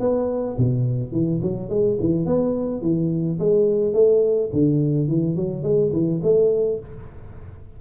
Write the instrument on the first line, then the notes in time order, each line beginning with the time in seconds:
tuba
0.00 B3
0.58 B2
1.12 E3
1.42 F#3
1.69 G#3
2.00 E3
2.26 B3
2.81 E3
3.39 G#3
3.94 A3
4.53 D3
5.08 E3
5.36 F#3
5.63 G#3
5.93 E3
6.23 A3